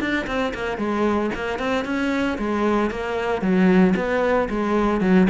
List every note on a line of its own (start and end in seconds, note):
0.00 0.26 D4
0.27 0.53 C4
0.54 0.78 A#3
0.78 1.30 G#3
1.35 1.59 A#3
1.59 1.85 C4
1.85 2.38 C#4
2.38 2.91 G#3
2.91 3.42 A#3
3.42 3.94 F#3
3.96 4.49 B3
4.50 5.01 G#3
5.01 5.28 F#3